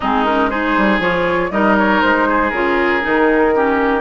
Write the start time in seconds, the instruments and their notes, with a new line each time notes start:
0.00 bassoon G#3, clarinet C4, oboe D#4, flute G#4
0.24 clarinet C#4, flute A#4
0.49 clarinet D#4, oboe G#4, flute C5
0.77 bassoon G3
0.99 bassoon F3, clarinet F4, flute C#5
1.51 bassoon G3, clarinet D#4, oboe A#4, flute D#5
1.78 flute C#5
2.01 bassoon G#3, flute C5
2.28 oboe G#4
2.50 bassoon C#3, clarinet F4, flute A#4
3.01 bassoon D#3, clarinet D#4
3.55 clarinet C#4, oboe G4